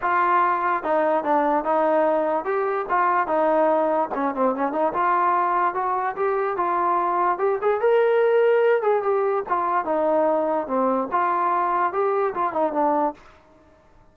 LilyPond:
\new Staff \with { instrumentName = "trombone" } { \time 4/4 \tempo 4 = 146 f'2 dis'4 d'4 | dis'2 g'4 f'4 | dis'2 cis'8 c'8 cis'8 dis'8 | f'2 fis'4 g'4 |
f'2 g'8 gis'8 ais'4~ | ais'4. gis'8 g'4 f'4 | dis'2 c'4 f'4~ | f'4 g'4 f'8 dis'8 d'4 | }